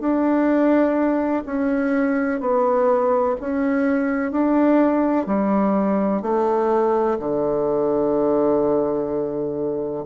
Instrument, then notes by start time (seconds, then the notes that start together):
bassoon
0.00 D4
1.45 C#4
2.40 B3
3.40 C#4
4.31 D4
5.26 G3
6.22 A3
7.19 D3